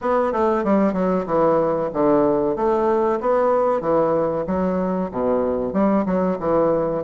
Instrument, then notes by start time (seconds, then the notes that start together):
bassoon
0.01 B3
0.32 A3
0.64 G3
0.93 F#3
1.26 E3
1.93 D3
2.55 A3
3.20 B3
3.80 E3
4.47 F#3
5.11 B2
5.73 G3
6.05 F#3
6.39 E3